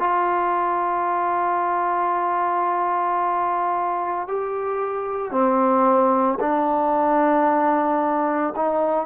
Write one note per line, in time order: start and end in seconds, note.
0.00 4.28 F4
4.28 5.32 G4
5.32 6.39 C4
6.40 8.55 D4
8.57 9.07 D#4